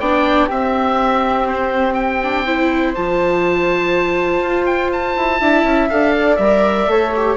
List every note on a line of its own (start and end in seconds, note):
0.00 0.49 B3
0.00 0.50 D4
0.00 0.47 D5
0.00 0.49 G5
0.47 2.22 C4
0.47 2.97 C4
0.47 2.44 G4
0.47 1.48 E5
1.48 1.94 C5
1.94 2.93 G5
2.23 2.47 D4
2.46 2.96 E4
2.46 5.40 C5
2.95 4.41 F3
2.95 5.42 F4
2.95 4.66 A5
4.41 5.15 F4
4.66 4.91 G5
4.93 5.90 A5
5.17 5.41 E4
5.40 5.64 D4
5.40 5.90 E4
5.40 6.14 E5
5.64 5.88 C#4
5.90 6.39 D4
5.90 6.40 A4
5.90 6.36 F5
6.18 6.91 D5
6.36 6.88 G3
6.36 6.88 A#4
6.36 7.35 E5
6.88 7.37 A3
6.88 7.13 A4
6.88 7.37 C#5
7.16 7.37 G4